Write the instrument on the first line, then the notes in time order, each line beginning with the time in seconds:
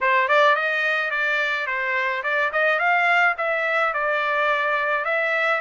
trumpet
0.00 C5
0.28 D5
0.55 D#5
1.11 D5
1.66 C5
2.23 D5
2.52 D#5
2.79 F5
3.37 E5
3.93 D5
5.04 E5